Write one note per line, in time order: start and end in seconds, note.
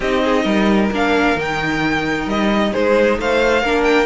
0.00 0.44 C4
0.00 0.93 D#4
0.00 0.23 G4
0.00 0.91 D#5
0.24 0.42 G#4
0.42 0.90 G3
0.42 2.70 A#4
0.91 1.36 A#3
0.91 1.36 D4
0.91 1.39 F5
1.36 2.26 D#3
1.36 3.64 D#4
1.36 2.29 G5
2.26 2.71 G3
2.26 2.73 D#5
2.72 3.18 G#3
2.72 3.18 G#4
2.72 3.18 C5
3.18 3.62 A3
3.18 3.62 C5
3.18 3.83 F5
3.62 4.05 A#3
3.62 4.05 D4
3.62 4.05 A#4
3.83 4.05 G5